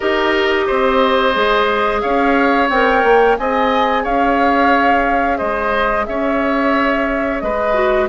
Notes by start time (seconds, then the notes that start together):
0.00 D#4 G4 A#4 D#5
0.66 C4 C5
1.33 G#3 G#4
2.01 C#4 C#5 F5
2.69 C4 A#4 G5
3.03 A#3
3.37 C4 G#4 D#5 G#5
4.03 C#4 C#5 F5
5.37 G#3 C5 D#5
6.05 C#4 C#5 E5
7.40 G#3 B4 D#5
7.73 F#4